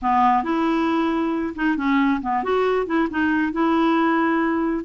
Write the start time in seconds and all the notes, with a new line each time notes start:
0.02 B3
0.43 E4
1.55 D#4
1.76 C#4
2.21 B3
2.43 F#4
2.86 E4
3.10 D#4
3.52 E4